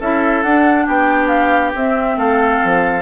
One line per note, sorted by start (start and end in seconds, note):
0.00 0.44 C#4
0.00 0.46 E4
0.00 0.86 A4
0.00 0.43 E5
0.43 0.87 D4
0.43 1.76 D4
0.43 0.87 F#5
0.86 1.75 B3
0.86 2.16 G4
0.86 1.28 G5
1.28 1.72 F5
1.75 2.17 C4
1.75 3.03 C4
1.75 2.19 E5
2.17 2.60 A3
2.17 3.03 A4
2.17 3.03 F5
2.64 3.03 F3